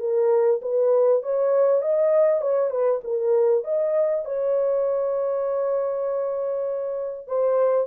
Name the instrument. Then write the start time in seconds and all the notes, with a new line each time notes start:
horn
0.00 A#4
0.62 B4
1.22 C#5
1.82 D#5
2.42 C#5
2.70 B4
3.04 A#4
3.64 D#5
4.25 C#5
7.27 C5